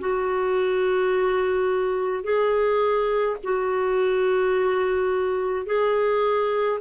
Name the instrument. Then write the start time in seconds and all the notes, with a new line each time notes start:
clarinet
0.00 F#4
2.24 G#4
3.44 F#4
5.66 G#4